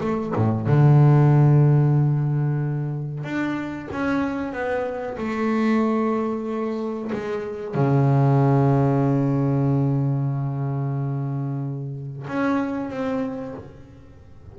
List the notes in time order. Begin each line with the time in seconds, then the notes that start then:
0.00 A3
0.35 A2
0.67 D3
3.23 D4
3.91 C#4
4.52 B3
5.17 A3
7.12 G#3
7.74 C#3
12.27 C#4
12.89 C4